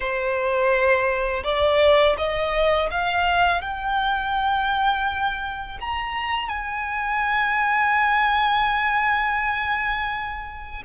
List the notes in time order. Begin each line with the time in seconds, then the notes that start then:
0.00 C5
1.43 D5
2.17 D#5
2.90 F5
3.61 G5
5.80 A#5
6.48 G#5